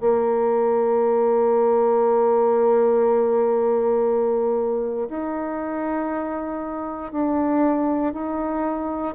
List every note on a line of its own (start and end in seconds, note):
0.00 5.08 A#3
5.09 7.11 D#4
7.11 8.13 D4
8.13 9.14 D#4